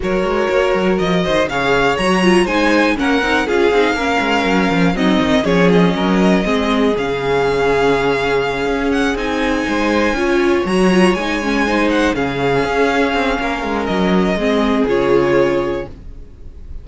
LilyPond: <<
  \new Staff \with { instrumentName = "violin" } { \time 4/4 \tempo 4 = 121 cis''2 dis''4 f''4 | ais''4 gis''4 fis''4 f''4~ | f''2 dis''4 cis''8 dis''8~ | dis''2 f''2~ |
f''2 fis''8 gis''4.~ | gis''4. ais''4 gis''4. | fis''8 f''2.~ f''8 | dis''2 cis''2 | }
  \new Staff \with { instrumentName = "violin" } { \time 4/4 ais'2~ ais'8 c''8 cis''4~ | cis''4 c''4 ais'4 gis'4 | ais'2 dis'4 gis'4 | ais'4 gis'2.~ |
gis'2.~ gis'8 c''8~ | c''8 cis''2. c''8~ | c''8 gis'2~ gis'8 ais'4~ | ais'4 gis'2. | }
  \new Staff \with { instrumentName = "viola" } { \time 4/4 fis'2. gis'4 | fis'8 f'8 dis'4 cis'8 dis'8 f'8 dis'8 | cis'2 c'4 cis'4~ | cis'4 c'4 cis'2~ |
cis'2~ cis'8 dis'4.~ | dis'8 f'4 fis'8 f'8 dis'8 cis'8 dis'8~ | dis'8 cis'2.~ cis'8~ | cis'4 c'4 f'2 | }
  \new Staff \with { instrumentName = "cello" } { \time 4/4 fis8 gis8 ais8 fis8 f8 dis8 cis4 | fis4 gis4 ais8 c'8 cis'8 c'8 | ais8 gis8 fis8 f8 fis8 dis8 f4 | fis4 gis4 cis2~ |
cis4. cis'4 c'4 gis8~ | gis8 cis'4 fis4 gis4.~ | gis8 cis4 cis'4 c'8 ais8 gis8 | fis4 gis4 cis2 | }
>>